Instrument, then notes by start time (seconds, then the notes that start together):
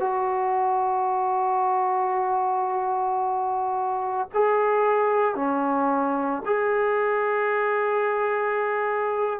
trombone
0.00 F#4
4.34 G#4
5.35 C#4
6.46 G#4